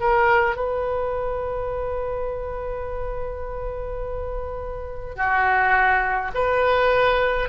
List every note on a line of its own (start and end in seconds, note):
0.00 0.56 A#4
0.56 5.16 B4
5.16 6.31 F#4
6.35 7.49 B4